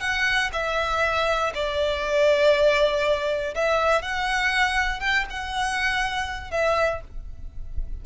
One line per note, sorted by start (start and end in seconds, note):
0.00 0.50 F#5
0.52 1.52 E5
1.54 3.54 D5
3.55 4.02 E5
4.02 5.00 F#5
5.00 5.25 G5
5.30 6.51 F#5
6.51 7.01 E5